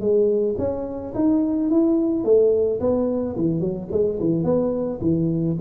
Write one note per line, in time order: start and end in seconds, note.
0.00 0.56 G#3
0.58 1.14 C#4
1.15 1.70 D#4
1.70 2.24 E4
2.24 2.80 A3
2.81 3.36 B3
3.36 3.60 E3
3.60 3.88 F#3
3.91 4.19 G#3
4.20 4.44 E3
4.44 4.99 B3
5.01 5.57 E3